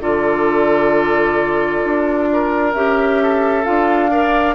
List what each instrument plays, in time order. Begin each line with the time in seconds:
0.00 bassoon D3, clarinet F4, oboe A4, flute D5
1.84 bassoon D4
2.33 oboe A#4
2.73 bassoon C#4, clarinet G4, flute E5
3.23 oboe A4
3.64 bassoon D4, clarinet F4, flute F5
4.11 clarinet A#4, oboe D5